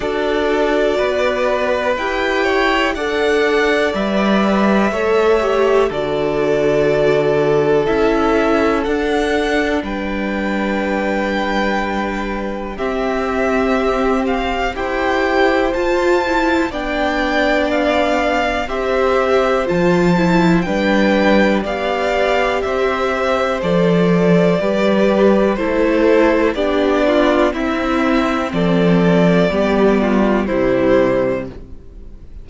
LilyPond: <<
  \new Staff \with { instrumentName = "violin" } { \time 4/4 \tempo 4 = 61 d''2 g''4 fis''4 | e''2 d''2 | e''4 fis''4 g''2~ | g''4 e''4. f''8 g''4 |
a''4 g''4 f''4 e''4 | a''4 g''4 f''4 e''4 | d''2 c''4 d''4 | e''4 d''2 c''4 | }
  \new Staff \with { instrumentName = "violin" } { \time 4/4 a'4 b'4. cis''8 d''4~ | d''4 cis''4 a'2~ | a'2 b'2~ | b'4 g'2 c''4~ |
c''4 d''2 c''4~ | c''4 b'4 d''4 c''4~ | c''4 b'4 a'4 g'8 f'8 | e'4 a'4 g'8 f'8 e'4 | }
  \new Staff \with { instrumentName = "viola" } { \time 4/4 fis'2 g'4 a'4 | b'4 a'8 g'8 fis'2 | e'4 d'2.~ | d'4 c'2 g'4 |
f'8 e'8 d'2 g'4 | f'8 e'8 d'4 g'2 | a'4 g'4 e'4 d'4 | c'2 b4 g4 | }
  \new Staff \with { instrumentName = "cello" } { \time 4/4 d'4 b4 e'4 d'4 | g4 a4 d2 | cis'4 d'4 g2~ | g4 c'2 e'4 |
f'4 b2 c'4 | f4 g4 b4 c'4 | f4 g4 a4 b4 | c'4 f4 g4 c4 | }
>>